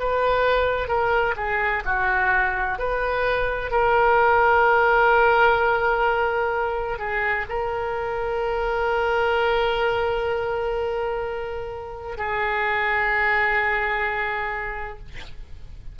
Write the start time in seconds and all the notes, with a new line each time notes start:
0.00 B4
0.88 A#4
1.37 G#4
1.85 F#4
2.79 B4
3.71 A#4
6.99 G#4
7.50 A#4
12.18 G#4